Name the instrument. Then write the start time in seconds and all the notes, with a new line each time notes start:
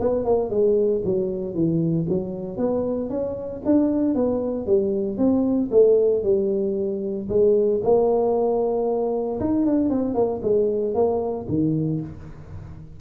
tuba
0.00 B3
0.25 A#3
0.50 G#3
1.04 F#3
1.54 E3
2.08 F#3
2.57 B3
3.09 C#4
3.65 D4
4.15 B3
4.66 G3
5.17 C4
5.71 A3
6.23 G3
7.29 G#3
7.83 A#3
9.40 D#4
9.66 D4
9.90 C4
10.14 A#3
10.42 G#3
10.94 A#3
11.48 D#3